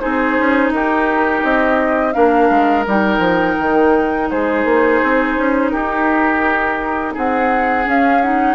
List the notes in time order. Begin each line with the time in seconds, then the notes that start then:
0.00 C4 D#4 G#4 C5
0.38 C#4
0.70 D#4 G4 A#4
1.43 C4 D#5
2.12 A#3 D4 A#4 F5
2.49 G#3
2.86 G3 D#4 G5
3.18 F3
3.59 D#3
4.30 G#3 G#4 C5
4.64 A#3
5.03 C4
5.37 C#4
5.69 D#4 G4 A#4
7.13 C4 G#4 F#5
7.84 C#4 F5
8.21 D#4 F#5